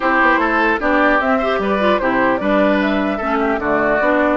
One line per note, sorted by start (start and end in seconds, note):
0.00 0.21 C4
0.00 0.79 E4
0.00 0.40 G4
0.00 0.79 C5
0.21 0.37 B3
0.37 0.77 A3
0.37 0.80 A4
0.79 1.20 B3
0.79 1.19 D4
0.79 1.38 G4
0.79 1.20 D5
1.20 1.58 C4
1.20 1.41 C4
1.20 1.60 E5
1.38 1.79 G4
1.38 1.58 C5
1.58 1.98 G3
1.58 2.01 B4
1.58 1.99 D5
1.79 1.99 F4
1.99 2.40 C3
1.99 2.39 E4
1.99 2.40 G4
1.99 2.37 C5
2.37 3.20 G3
2.37 3.19 D4
2.37 3.17 B4
2.37 2.77 D5
2.80 3.59 E5
3.17 3.58 A3
3.17 3.60 C#4
3.17 3.37 A4
3.39 3.59 G4
3.58 3.98 D3
3.58 4.01 A3
3.58 4.36 F#4
3.58 4.36 D5
4.00 4.36 B3
4.00 4.36 D4